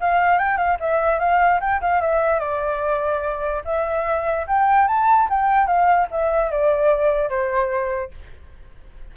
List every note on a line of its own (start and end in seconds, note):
0.00 0.38 F5
0.38 0.57 G5
0.57 0.78 F5
0.80 1.19 E5
1.19 1.60 F5
1.60 1.81 G5
1.81 2.01 F5
2.01 2.40 E5
2.40 3.62 D5
3.64 4.46 E5
4.47 4.87 G5
4.87 5.28 A5
5.29 5.66 G5
5.66 6.07 F5
6.11 6.51 E5
6.51 7.29 D5
7.29 8.11 C5